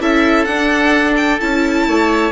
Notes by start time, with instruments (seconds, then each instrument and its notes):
0.00 bassoon C#4, viola E4, oboe A4, violin E5
0.45 bassoon D4, viola D4, violin F#5
1.17 violin G5
1.40 bassoon C#4, viola E4, violin A5
1.88 bassoon A3, oboe C#5